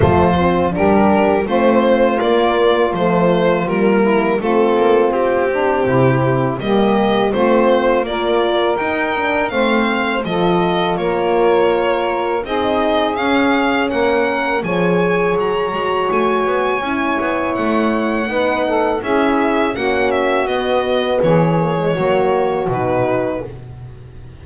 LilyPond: <<
  \new Staff \with { instrumentName = "violin" } { \time 4/4 \tempo 4 = 82 c''4 ais'4 c''4 d''4 | c''4 ais'4 a'4 g'4~ | g'4 dis''4 c''4 d''4 | g''4 f''4 dis''4 cis''4~ |
cis''4 dis''4 f''4 fis''4 | gis''4 ais''4 gis''2 | fis''2 e''4 fis''8 e''8 | dis''4 cis''2 b'4 | }
  \new Staff \with { instrumentName = "saxophone" } { \time 4/4 f'4 g'4 f'2~ | f'4. e'8 f'4. d'8 | e'4 g'4 f'4 ais'4~ | ais'4 c''4 a'4 ais'4~ |
ais'4 gis'2 ais'4 | cis''1~ | cis''4 b'8 a'8 gis'4 fis'4~ | fis'4 gis'4 fis'2 | }
  \new Staff \with { instrumentName = "horn" } { \time 4/4 a8 c'8 d'4 c'4 ais4 | a4 ais4 c'2~ | c'4 ais4 c'4 f'4 | dis'8 d'8 c'4 f'2~ |
f'4 dis'4 cis'2 | gis'4. fis'4. e'4~ | e'4 dis'4 e'4 cis'4 | b4. ais16 gis16 ais4 dis'4 | }
  \new Staff \with { instrumentName = "double bass" } { \time 4/4 f4 g4 a4 ais4 | f4 g4 a8 ais8 c'4 | c4 g4 a4 ais4 | dis'4 a4 f4 ais4~ |
ais4 c'4 cis'4 ais4 | f4 fis8 gis8 a8 b8 cis'8 b8 | a4 b4 cis'4 ais4 | b4 e4 fis4 b,4 | }
>>